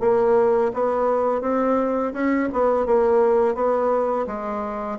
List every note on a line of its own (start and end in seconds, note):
0.00 0.71 A#3
0.73 1.41 B3
1.41 2.12 C4
2.13 2.49 C#4
2.53 2.86 B3
2.86 3.55 A#3
3.55 4.26 B3
4.27 4.98 G#3